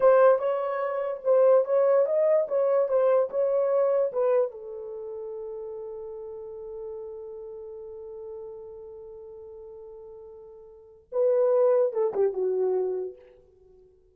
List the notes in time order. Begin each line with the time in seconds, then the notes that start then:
0.00 C5
0.38 C#5
1.23 C5
1.64 C#5
2.05 D#5
2.48 C#5
2.88 C5
3.30 C#5
4.12 B4
4.51 A4
11.12 B4
11.92 A4
12.13 G4
12.33 F#4